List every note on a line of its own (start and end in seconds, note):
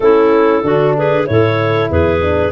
0.00 0.62 A3
0.00 0.62 C#4
0.00 0.64 E4
0.00 0.94 A4
0.62 1.26 D3
0.62 1.25 D4
0.62 0.95 F#4
0.96 1.27 G#4
0.96 1.27 B4
1.25 1.89 A2
1.25 2.20 E4
1.25 1.89 A4
1.25 1.90 C#5
1.89 2.52 E2
1.89 2.52 G#4
1.89 2.52 B4
2.21 2.52 D4